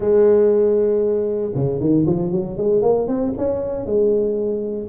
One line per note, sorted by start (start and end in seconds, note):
0.00 1.52 G#3
1.54 1.79 C#3
1.79 2.05 D#3
2.06 2.31 F3
2.31 2.57 F#3
2.57 2.82 G#3
2.82 3.07 A#3
3.07 3.33 C4
3.37 3.86 C#4
3.86 4.88 G#3